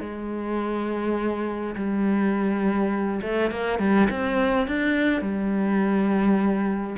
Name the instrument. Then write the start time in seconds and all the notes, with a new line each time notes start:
cello
0.00 G#3
1.75 G3
3.22 A3
3.51 A#3
3.79 G3
4.10 C4
4.67 D4
5.21 G3